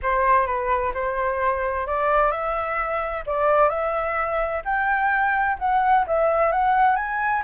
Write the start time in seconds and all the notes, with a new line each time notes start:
0.02 C5
0.46 B4
0.94 C5
1.86 D5
2.31 E5
3.26 D5
3.69 E5
4.64 G5
5.59 F#5
6.07 E5
6.52 F#5
6.96 G#5